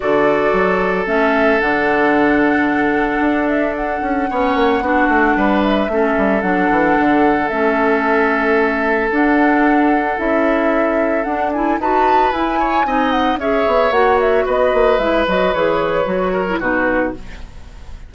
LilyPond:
<<
  \new Staff \with { instrumentName = "flute" } { \time 4/4 \tempo 4 = 112 d''2 e''4 fis''4~ | fis''2~ fis''8 e''8 fis''4~ | fis''2~ fis''8 e''4. | fis''2 e''2~ |
e''4 fis''2 e''4~ | e''4 fis''8 gis''8 a''4 gis''4~ | gis''8 fis''8 e''4 fis''8 e''8 dis''4 | e''8 dis''8 cis''2 b'4 | }
  \new Staff \with { instrumentName = "oboe" } { \time 4/4 a'1~ | a'1 | cis''4 fis'4 b'4 a'4~ | a'1~ |
a'1~ | a'2 b'4. cis''8 | dis''4 cis''2 b'4~ | b'2~ b'8 ais'8 fis'4 | }
  \new Staff \with { instrumentName = "clarinet" } { \time 4/4 fis'2 cis'4 d'4~ | d'1 | cis'4 d'2 cis'4 | d'2 cis'2~ |
cis'4 d'2 e'4~ | e'4 d'8 e'8 fis'4 e'4 | dis'4 gis'4 fis'2 | e'8 fis'8 gis'4 fis'8. e'16 dis'4 | }
  \new Staff \with { instrumentName = "bassoon" } { \time 4/4 d4 fis4 a4 d4~ | d2 d'4. cis'8 | b8 ais8 b8 a8 g4 a8 g8 | fis8 e8 d4 a2~ |
a4 d'2 cis'4~ | cis'4 d'4 dis'4 e'4 | c'4 cis'8 b8 ais4 b8 ais8 | gis8 fis8 e4 fis4 b,4 | }
>>